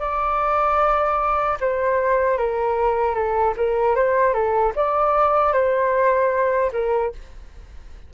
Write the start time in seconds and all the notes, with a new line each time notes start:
0.00 D5
1.61 C5
2.38 A#4
3.15 A4
3.57 A#4
3.95 C5
4.33 A4
4.76 D5
5.53 C5
6.72 A#4